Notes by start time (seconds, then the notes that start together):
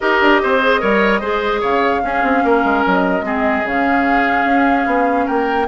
0.00 D#4 G4 A#4 D#5
0.21 D4
0.42 C4 C5
0.61 G#4
0.80 G3 A#4 C#5
1.20 G#3 G#4 C5
1.60 C#3 C#5 F5
2.03 C#4 G#4
2.23 C4
2.44 A#3 A#4
2.63 G#3
2.86 F#3 D#5
3.21 G#3 C4 G#4
3.64 C#3 C#4 F5
4.45 C#4
4.86 B3
5.25 A#3 A#4 G5